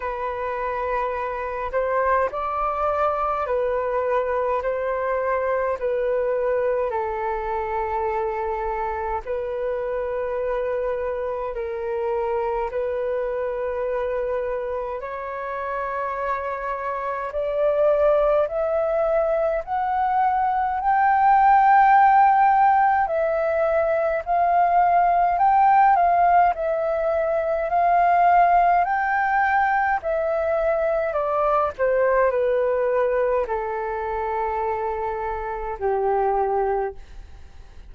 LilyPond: \new Staff \with { instrumentName = "flute" } { \time 4/4 \tempo 4 = 52 b'4. c''8 d''4 b'4 | c''4 b'4 a'2 | b'2 ais'4 b'4~ | b'4 cis''2 d''4 |
e''4 fis''4 g''2 | e''4 f''4 g''8 f''8 e''4 | f''4 g''4 e''4 d''8 c''8 | b'4 a'2 g'4 | }